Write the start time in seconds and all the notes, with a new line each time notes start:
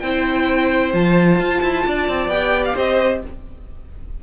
0.00 C4 E4 C5 G5
0.94 F3 F4 A5
1.39 F4
1.62 E4
1.87 D4 D5
2.09 C4
2.28 B3 G4 G5
2.65 F5
2.75 C4 C5 D#5